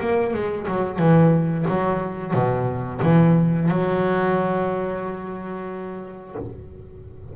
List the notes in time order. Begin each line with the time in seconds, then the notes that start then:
0.00 A#3
0.33 G#3
0.67 F#3
0.98 E3
1.68 F#3
2.33 B2
3.02 E3
3.68 F#3